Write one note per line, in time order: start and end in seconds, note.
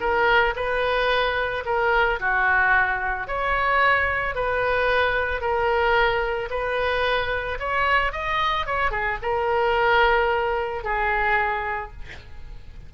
0.00 0.54 A#4
0.56 1.64 B4
1.65 2.19 A#4
2.20 3.27 F#4
3.27 4.35 C#5
4.35 5.41 B4
5.41 6.49 A#4
6.50 7.58 B4
7.59 8.12 C#5
8.12 8.66 D#5
8.66 8.91 C#5
8.91 9.18 G#4
9.22 10.84 A#4
10.84 11.92 G#4